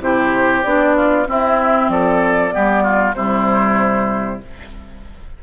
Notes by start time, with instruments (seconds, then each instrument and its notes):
0.00 bassoon C3, clarinet E4, oboe G4, flute C5
0.64 bassoon B3, clarinet D4, flute D5
0.96 oboe F4
1.26 clarinet C4, bassoon C4, oboe E4, flute E5
1.89 bassoon F3, oboe A4, flute D5
2.51 bassoon G3, clarinet B3, oboe G4
2.83 oboe F4
3.14 bassoon C3, clarinet G3, oboe E4, flute C5